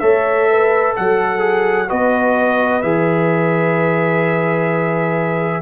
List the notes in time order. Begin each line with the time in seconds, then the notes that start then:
0.00 A3 A4 C#5 E5
0.50 B4
0.95 F#3 A4 F#5
1.38 G#4
1.88 B3 F#4 B4 D#5
2.82 E3 G#4 E5